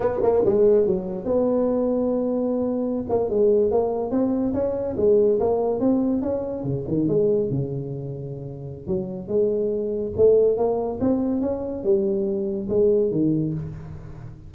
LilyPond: \new Staff \with { instrumentName = "tuba" } { \time 4/4 \tempo 4 = 142 b8 ais8 gis4 fis4 b4~ | b2.~ b16 ais8 gis16~ | gis8. ais4 c'4 cis'4 gis16~ | gis8. ais4 c'4 cis'4 cis16~ |
cis16 dis8 gis4 cis2~ cis16~ | cis4 fis4 gis2 | a4 ais4 c'4 cis'4 | g2 gis4 dis4 | }